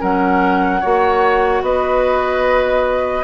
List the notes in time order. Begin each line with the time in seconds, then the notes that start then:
0.00 F#3 C#4 A#4 F#5
0.81 A#3 F#4 C#5
1.62 B3 B4 D#5